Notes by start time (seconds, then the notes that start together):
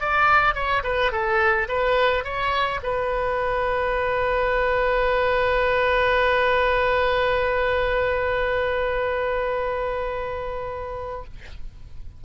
0.00 D5
0.54 C#5
0.83 B4
1.12 A4
1.68 B4
2.24 C#5
2.83 B4